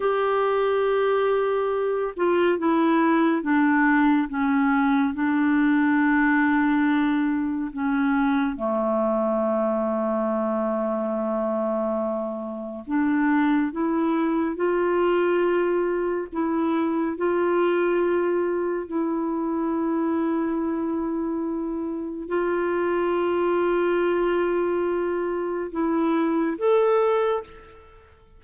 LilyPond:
\new Staff \with { instrumentName = "clarinet" } { \time 4/4 \tempo 4 = 70 g'2~ g'8 f'8 e'4 | d'4 cis'4 d'2~ | d'4 cis'4 a2~ | a2. d'4 |
e'4 f'2 e'4 | f'2 e'2~ | e'2 f'2~ | f'2 e'4 a'4 | }